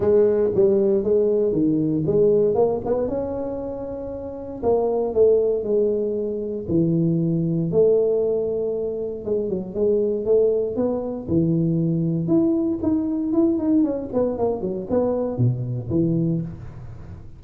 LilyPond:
\new Staff \with { instrumentName = "tuba" } { \time 4/4 \tempo 4 = 117 gis4 g4 gis4 dis4 | gis4 ais8 b8 cis'2~ | cis'4 ais4 a4 gis4~ | gis4 e2 a4~ |
a2 gis8 fis8 gis4 | a4 b4 e2 | e'4 dis'4 e'8 dis'8 cis'8 b8 | ais8 fis8 b4 b,4 e4 | }